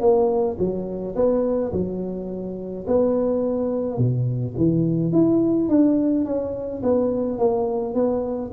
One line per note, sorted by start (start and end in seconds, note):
0.00 0.57 A#3
0.58 1.15 F#3
1.15 1.72 B3
1.72 2.85 F#3
2.87 3.97 B3
3.97 4.54 B2
4.56 5.12 E3
5.12 5.68 E4
5.68 6.25 D4
6.25 6.82 C#4
6.83 7.38 B3
7.38 7.94 A#3
7.94 8.51 B3